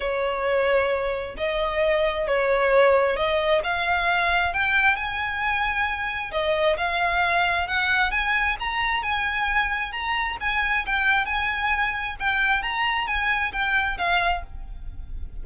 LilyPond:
\new Staff \with { instrumentName = "violin" } { \time 4/4 \tempo 4 = 133 cis''2. dis''4~ | dis''4 cis''2 dis''4 | f''2 g''4 gis''4~ | gis''2 dis''4 f''4~ |
f''4 fis''4 gis''4 ais''4 | gis''2 ais''4 gis''4 | g''4 gis''2 g''4 | ais''4 gis''4 g''4 f''4 | }